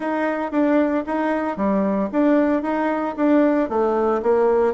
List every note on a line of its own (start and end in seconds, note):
0.00 0.51 D#4
0.51 1.04 D4
1.06 1.56 D#4
1.56 2.09 G3
2.11 2.62 D4
2.62 3.15 D#4
3.16 3.69 D4
3.69 4.21 A3
4.22 4.73 A#3